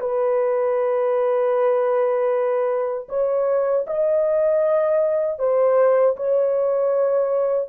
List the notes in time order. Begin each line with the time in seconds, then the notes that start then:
0.00 B4
3.09 C#5
3.87 D#5
5.39 C5
6.16 C#5